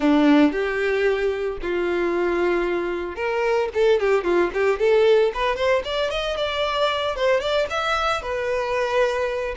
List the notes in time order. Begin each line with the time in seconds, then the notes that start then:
0.00 D4
0.52 G4
1.62 F4
3.15 A#4
3.74 A4
4.00 G4
4.24 F4
4.53 G4
4.79 A4
5.33 B4
5.55 C5
5.84 D5
6.10 D#5
6.36 D5
7.15 C5
7.40 D5
7.69 E5
8.22 B4